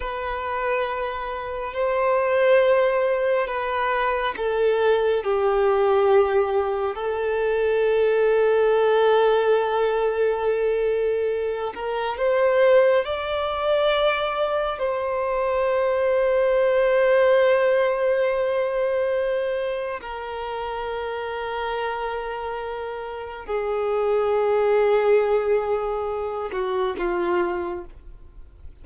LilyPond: \new Staff \with { instrumentName = "violin" } { \time 4/4 \tempo 4 = 69 b'2 c''2 | b'4 a'4 g'2 | a'1~ | a'4. ais'8 c''4 d''4~ |
d''4 c''2.~ | c''2. ais'4~ | ais'2. gis'4~ | gis'2~ gis'8 fis'8 f'4 | }